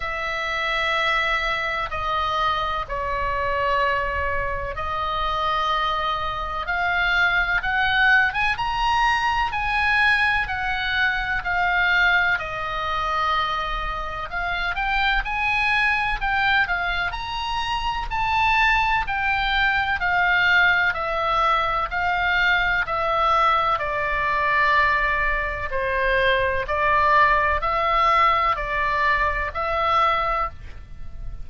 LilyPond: \new Staff \with { instrumentName = "oboe" } { \time 4/4 \tempo 4 = 63 e''2 dis''4 cis''4~ | cis''4 dis''2 f''4 | fis''8. gis''16 ais''4 gis''4 fis''4 | f''4 dis''2 f''8 g''8 |
gis''4 g''8 f''8 ais''4 a''4 | g''4 f''4 e''4 f''4 | e''4 d''2 c''4 | d''4 e''4 d''4 e''4 | }